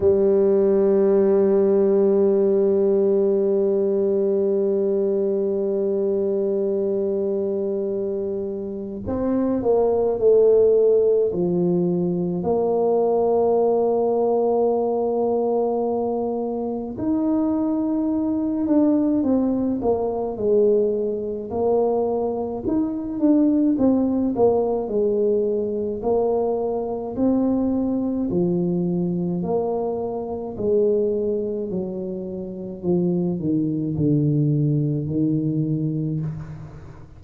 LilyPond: \new Staff \with { instrumentName = "tuba" } { \time 4/4 \tempo 4 = 53 g1~ | g1 | c'8 ais8 a4 f4 ais4~ | ais2. dis'4~ |
dis'8 d'8 c'8 ais8 gis4 ais4 | dis'8 d'8 c'8 ais8 gis4 ais4 | c'4 f4 ais4 gis4 | fis4 f8 dis8 d4 dis4 | }